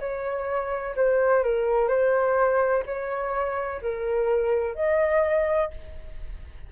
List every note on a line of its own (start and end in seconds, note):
0.00 0.95 C#5
0.96 1.44 C5
1.44 1.88 A#4
1.88 2.84 C5
2.86 3.81 C#5
3.82 4.76 A#4
4.76 5.71 D#5